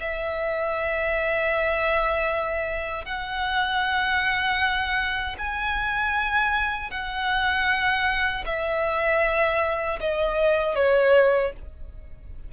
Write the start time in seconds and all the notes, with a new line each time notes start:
0.00 E5
3.05 F#5
5.38 G#5
6.90 F#5
8.45 E5
10.00 D#5
10.76 C#5